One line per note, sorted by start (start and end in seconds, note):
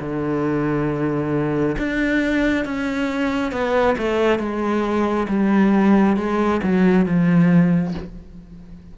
0.00 1.76 D3
1.78 2.66 D4
2.66 3.52 C#4
3.52 3.96 B3
3.98 4.39 A3
4.39 5.27 G#3
5.29 6.17 G3
6.17 6.61 G#3
6.63 7.06 F#3
7.06 7.95 F3